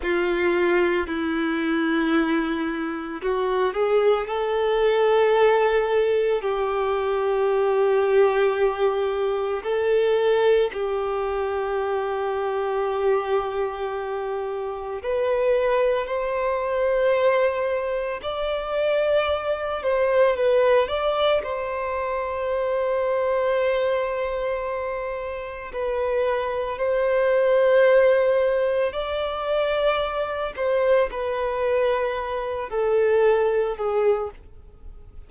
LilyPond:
\new Staff \with { instrumentName = "violin" } { \time 4/4 \tempo 4 = 56 f'4 e'2 fis'8 gis'8 | a'2 g'2~ | g'4 a'4 g'2~ | g'2 b'4 c''4~ |
c''4 d''4. c''8 b'8 d''8 | c''1 | b'4 c''2 d''4~ | d''8 c''8 b'4. a'4 gis'8 | }